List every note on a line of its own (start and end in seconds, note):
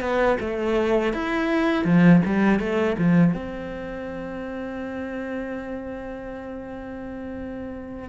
0.00 0.37 B3
0.40 1.13 A3
1.13 1.85 E4
1.85 2.21 F3
2.25 2.59 G3
2.59 2.96 A3
2.98 3.34 F3
3.34 8.09 C4